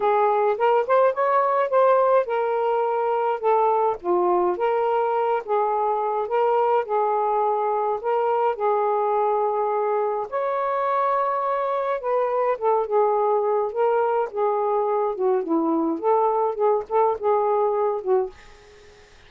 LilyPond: \new Staff \with { instrumentName = "saxophone" } { \time 4/4 \tempo 4 = 105 gis'4 ais'8 c''8 cis''4 c''4 | ais'2 a'4 f'4 | ais'4. gis'4. ais'4 | gis'2 ais'4 gis'4~ |
gis'2 cis''2~ | cis''4 b'4 a'8 gis'4. | ais'4 gis'4. fis'8 e'4 | a'4 gis'8 a'8 gis'4. fis'8 | }